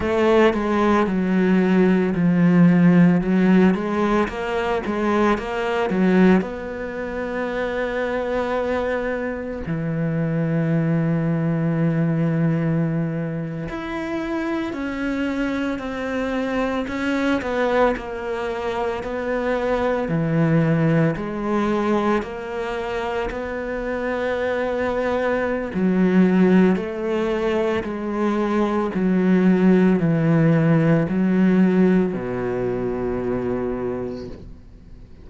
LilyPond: \new Staff \with { instrumentName = "cello" } { \time 4/4 \tempo 4 = 56 a8 gis8 fis4 f4 fis8 gis8 | ais8 gis8 ais8 fis8 b2~ | b4 e2.~ | e8. e'4 cis'4 c'4 cis'16~ |
cis'16 b8 ais4 b4 e4 gis16~ | gis8. ais4 b2~ b16 | fis4 a4 gis4 fis4 | e4 fis4 b,2 | }